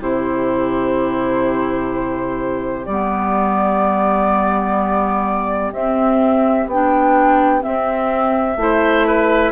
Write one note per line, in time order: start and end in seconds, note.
0.00 2.86 C3
0.00 2.86 E4
0.00 8.57 G4
0.00 2.86 C5
2.86 5.72 G3
2.86 5.74 B3
2.86 5.71 D5
5.72 6.66 C4
5.72 6.69 C4
5.72 6.68 E5
6.66 7.62 B3
6.66 7.61 D4
6.66 7.62 G5
7.61 8.56 C4
7.61 8.57 C4
7.61 9.52 E5
8.57 9.52 A3
8.57 9.52 E4
8.57 9.07 C5
9.07 9.52 B4